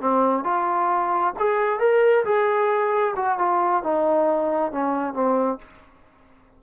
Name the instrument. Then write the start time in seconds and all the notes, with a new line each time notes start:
trombone
0.00 C4
0.44 F4
1.39 G#4
1.79 A#4
2.24 G#4
3.16 F#4
3.38 F4
3.83 D#4
4.71 C#4
5.13 C4